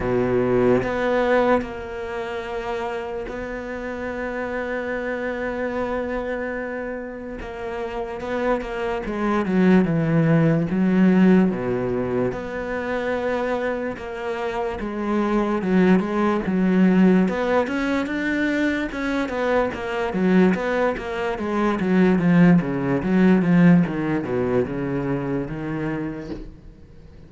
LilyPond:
\new Staff \with { instrumentName = "cello" } { \time 4/4 \tempo 4 = 73 b,4 b4 ais2 | b1~ | b4 ais4 b8 ais8 gis8 fis8 | e4 fis4 b,4 b4~ |
b4 ais4 gis4 fis8 gis8 | fis4 b8 cis'8 d'4 cis'8 b8 | ais8 fis8 b8 ais8 gis8 fis8 f8 cis8 | fis8 f8 dis8 b,8 cis4 dis4 | }